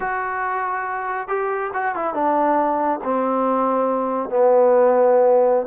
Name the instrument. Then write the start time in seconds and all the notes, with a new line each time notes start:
trombone
0.00 F#4
1.28 G4
1.73 F#4
1.95 E4
2.14 D4
3.03 C4
4.29 B3